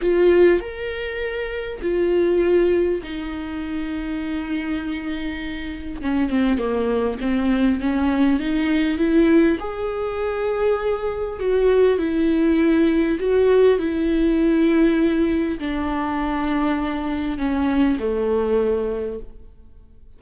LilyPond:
\new Staff \with { instrumentName = "viola" } { \time 4/4 \tempo 4 = 100 f'4 ais'2 f'4~ | f'4 dis'2.~ | dis'2 cis'8 c'8 ais4 | c'4 cis'4 dis'4 e'4 |
gis'2. fis'4 | e'2 fis'4 e'4~ | e'2 d'2~ | d'4 cis'4 a2 | }